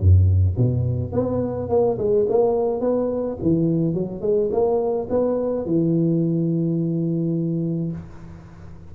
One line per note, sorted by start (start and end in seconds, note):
0.00 0.57 F#2
0.57 1.12 B2
1.12 1.69 B3
1.69 1.98 A#3
1.98 2.26 G#3
2.28 2.80 A#3
2.80 3.37 B3
3.42 3.94 E3
3.94 4.21 F#3
4.21 4.49 G#3
4.52 5.08 A#3
5.09 5.66 B3
5.66 7.92 E3